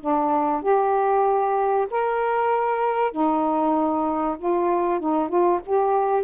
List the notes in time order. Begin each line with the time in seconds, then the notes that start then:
0.00 D4
0.62 G4
1.91 A#4
3.12 D#4
4.38 F4
5.00 D#4
5.29 F4
5.66 G4